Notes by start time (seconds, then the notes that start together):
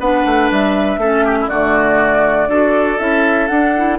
0.00 B3 D4 B4 F#5
0.26 A3
0.51 G3 E5
0.98 A3 C#4 A4
1.25 G4
1.41 E4
1.49 D3 A3 F#4 D5
2.48 D4 F#4 A4
2.99 C#4 E4 E5
3.48 D4 F#5
3.77 E4